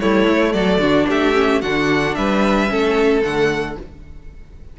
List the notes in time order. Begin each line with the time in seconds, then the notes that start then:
0.00 G3 A3 E4 C#5
0.28 A3
0.52 F#3 A4 D5
0.78 D3 D4 F#4
1.08 A3 G4 E5
1.34 C#4
1.61 D3 D4 F#4 F#5
2.15 G3 B4 E5
2.68 A3 C#4 A4
3.22 D3 A3 F#5